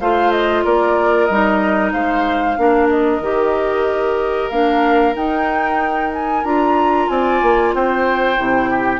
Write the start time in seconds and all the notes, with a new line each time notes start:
0.00 A3 F4 C5 F5
0.31 D#5
0.64 A#3 A#4 D5
1.25 G3 D#4 D#5
1.92 G#3 C5 F5
2.57 A#3 D4 A#4
2.89 D#5
3.20 D#3 G4
4.49 A#3 D4 F5
5.14 D#4 G5
6.13 G#5
6.44 D4 F4 A#5
7.08 C4 D5 G#5
7.42 A#3
7.73 C4 C5 G5
8.37 C3 E4
8.70 G4